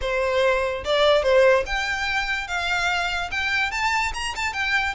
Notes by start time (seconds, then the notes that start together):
0.01 C5
0.84 D5
1.22 C5
1.66 G5
2.47 F5
3.31 G5
3.71 A5
4.14 A#5
4.35 A5
4.53 G5